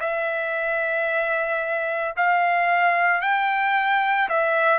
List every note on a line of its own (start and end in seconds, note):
0.00 2.14 E5
2.16 3.21 F5
3.21 4.28 G5
4.29 4.78 E5